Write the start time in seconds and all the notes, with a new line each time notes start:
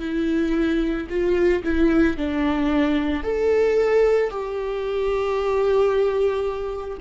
0.00 E4
1.10 F4
1.64 E4
2.17 D4
3.24 A4
4.31 G4